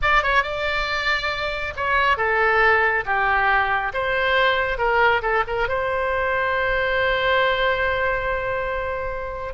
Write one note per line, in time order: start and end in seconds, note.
0.01 0.22 D5
0.22 0.42 C#5
0.42 1.73 D5
1.76 2.17 C#5
2.17 3.04 A4
3.05 3.92 G4
3.93 4.77 C5
4.77 5.21 A#4
5.22 5.43 A4
5.47 5.68 A#4
5.68 9.53 C5